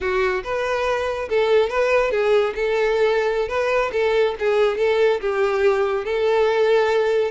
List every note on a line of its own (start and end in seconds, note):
0.00 0.43 F#4
0.43 1.28 B4
1.29 1.69 A4
1.69 2.11 B4
2.11 2.53 G#4
2.55 3.48 A4
3.48 3.91 B4
3.92 4.35 A4
4.39 4.77 G#4
4.77 5.20 A4
5.20 6.04 G4
6.04 7.31 A4